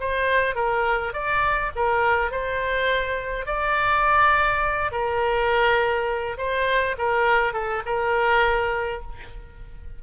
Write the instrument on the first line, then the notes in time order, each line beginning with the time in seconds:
oboe
0.00 C5
0.55 A#4
1.13 D5
1.76 A#4
2.31 C5
3.46 D5
4.91 A#4
6.37 C5
6.98 A#4
7.53 A4
7.85 A#4